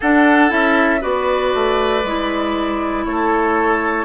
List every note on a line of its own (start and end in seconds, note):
0.00 0.51 D4
0.00 0.49 D4
0.00 1.00 A4
0.00 0.51 F#5
0.49 1.01 C#4
0.49 1.00 E4
0.49 1.02 E5
1.00 1.54 B3
1.00 2.02 F#4
1.00 3.04 B4
1.00 3.05 D5
1.54 2.03 A3
2.03 3.05 G#3
2.03 4.05 E4
3.05 4.05 A3
3.05 4.05 A4
3.05 4.05 C#5